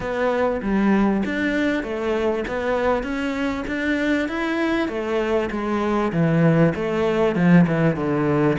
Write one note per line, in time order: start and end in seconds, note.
0.00 0.61 B3
0.62 1.23 G3
1.25 1.83 D4
1.83 2.44 A3
2.47 3.03 B3
3.03 3.64 C#4
3.67 4.28 D4
4.28 4.88 E4
4.88 5.49 A3
5.50 6.11 G#3
6.12 6.73 E3
6.75 7.35 A3
7.35 7.66 F3
7.67 7.96 E3
7.96 8.57 D3